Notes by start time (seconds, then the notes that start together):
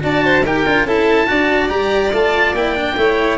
0.00 D4 F#4 D5 A5
0.24 C5
0.42 D#4 G4 A#4 G5
0.66 D4 F4
0.84 C#4 E4 A4 A5
1.27 D4 F#4 D5
1.69 G3 G4 A#5
2.12 A3 F4 A5
2.53 A#3 E4 G5
2.76 D4
2.97 A3 E4 C#5